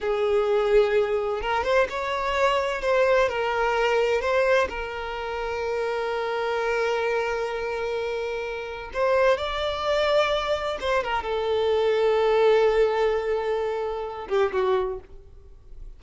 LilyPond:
\new Staff \with { instrumentName = "violin" } { \time 4/4 \tempo 4 = 128 gis'2. ais'8 c''8 | cis''2 c''4 ais'4~ | ais'4 c''4 ais'2~ | ais'1~ |
ais'2. c''4 | d''2. c''8 ais'8 | a'1~ | a'2~ a'8 g'8 fis'4 | }